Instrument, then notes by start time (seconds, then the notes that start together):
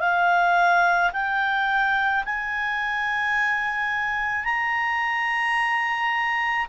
clarinet
0.00 F5
1.13 G5
2.26 G#5
4.45 A#5